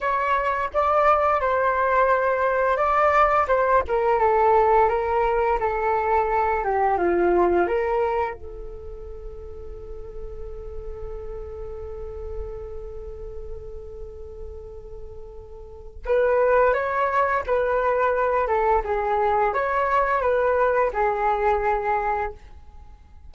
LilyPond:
\new Staff \with { instrumentName = "flute" } { \time 4/4 \tempo 4 = 86 cis''4 d''4 c''2 | d''4 c''8 ais'8 a'4 ais'4 | a'4. g'8 f'4 ais'4 | a'1~ |
a'1~ | a'2. b'4 | cis''4 b'4. a'8 gis'4 | cis''4 b'4 gis'2 | }